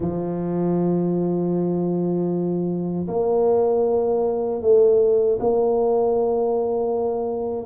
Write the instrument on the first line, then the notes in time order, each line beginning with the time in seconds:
tuba
0.00 F3
3.07 A#3
4.61 A3
5.40 A#3